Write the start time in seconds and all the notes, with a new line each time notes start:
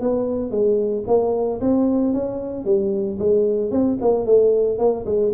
0.00 B3
0.51 G#3
1.07 A#3
1.60 C4
2.13 C#4
2.65 G3
3.19 G#3
3.71 C4
4.01 A#3
4.25 A3
4.78 A#3
5.05 G#3